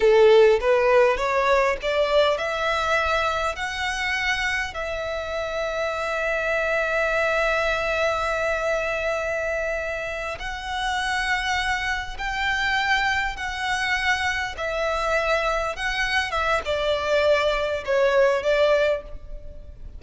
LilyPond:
\new Staff \with { instrumentName = "violin" } { \time 4/4 \tempo 4 = 101 a'4 b'4 cis''4 d''4 | e''2 fis''2 | e''1~ | e''1~ |
e''4. fis''2~ fis''8~ | fis''8 g''2 fis''4.~ | fis''8 e''2 fis''4 e''8 | d''2 cis''4 d''4 | }